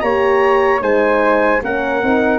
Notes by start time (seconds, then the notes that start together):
0.00 A#3 G4 C#5 A#5
0.80 G#3 D#4 C5 G#5
1.62 A#3 C#4 A#4 F#5
2.02 C4 D#4